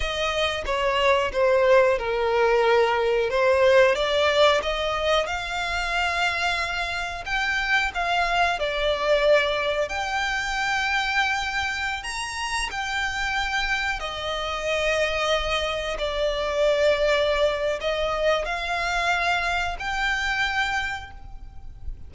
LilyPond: \new Staff \with { instrumentName = "violin" } { \time 4/4 \tempo 4 = 91 dis''4 cis''4 c''4 ais'4~ | ais'4 c''4 d''4 dis''4 | f''2. g''4 | f''4 d''2 g''4~ |
g''2~ g''16 ais''4 g''8.~ | g''4~ g''16 dis''2~ dis''8.~ | dis''16 d''2~ d''8. dis''4 | f''2 g''2 | }